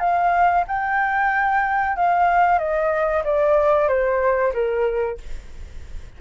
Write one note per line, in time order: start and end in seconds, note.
0.00 0.65 F5
0.68 1.96 G5
1.96 2.59 F5
2.59 3.23 D#5
3.25 3.89 D5
3.89 4.53 C5
4.54 5.18 A#4